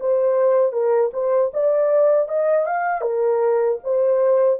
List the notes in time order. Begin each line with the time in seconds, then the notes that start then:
0.00 C5
0.72 A#4
1.13 C5
1.53 D5
2.28 D#5
2.66 F5
3.01 A#4
3.84 C5